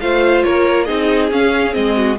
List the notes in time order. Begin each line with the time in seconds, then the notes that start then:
0.00 A3 F4 C5 F5
0.43 A#3 A#4 C#5
0.84 C4 D#4 G#4 D#5
1.31 C#4 F5
1.72 G#3 C4 D#5
1.97 F#4